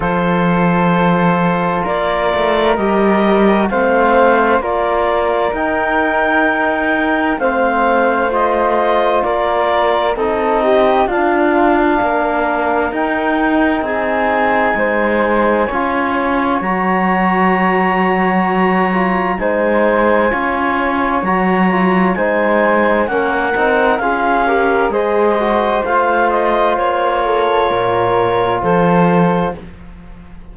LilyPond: <<
  \new Staff \with { instrumentName = "clarinet" } { \time 4/4 \tempo 4 = 65 c''2 d''4 dis''4 | f''4 d''4 g''2 | f''4 dis''4 d''4 dis''4 | f''2 g''4 gis''4~ |
gis''2 ais''2~ | ais''4 gis''2 ais''4 | gis''4 fis''4 f''4 dis''4 | f''8 dis''8 cis''2 c''4 | }
  \new Staff \with { instrumentName = "flute" } { \time 4/4 a'2 ais'2 | c''4 ais'2. | c''2 ais'4 a'8 g'8 | f'4 ais'2 gis'4 |
c''4 cis''2.~ | cis''4 c''4 cis''2 | c''4 ais'4 gis'8 ais'8 c''4~ | c''4. a'8 ais'4 a'4 | }
  \new Staff \with { instrumentName = "trombone" } { \time 4/4 f'2. g'4 | c'4 f'4 dis'2 | c'4 f'2 dis'4 | d'2 dis'2~ |
dis'4 f'4 fis'2~ | fis'8 f'8 dis'4 f'4 fis'8 f'8 | dis'4 cis'8 dis'8 f'8 g'8 gis'8 fis'8 | f'1 | }
  \new Staff \with { instrumentName = "cello" } { \time 4/4 f2 ais8 a8 g4 | a4 ais4 dis'2 | a2 ais4 c'4 | d'4 ais4 dis'4 c'4 |
gis4 cis'4 fis2~ | fis4 gis4 cis'4 fis4 | gis4 ais8 c'8 cis'4 gis4 | a4 ais4 ais,4 f4 | }
>>